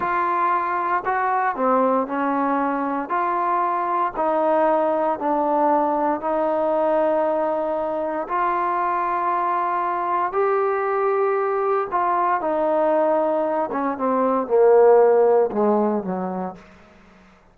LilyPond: \new Staff \with { instrumentName = "trombone" } { \time 4/4 \tempo 4 = 116 f'2 fis'4 c'4 | cis'2 f'2 | dis'2 d'2 | dis'1 |
f'1 | g'2. f'4 | dis'2~ dis'8 cis'8 c'4 | ais2 gis4 fis4 | }